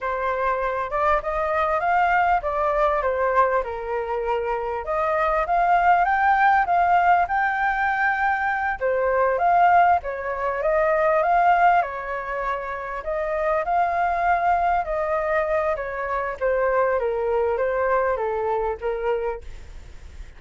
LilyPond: \new Staff \with { instrumentName = "flute" } { \time 4/4 \tempo 4 = 99 c''4. d''8 dis''4 f''4 | d''4 c''4 ais'2 | dis''4 f''4 g''4 f''4 | g''2~ g''8 c''4 f''8~ |
f''8 cis''4 dis''4 f''4 cis''8~ | cis''4. dis''4 f''4.~ | f''8 dis''4. cis''4 c''4 | ais'4 c''4 a'4 ais'4 | }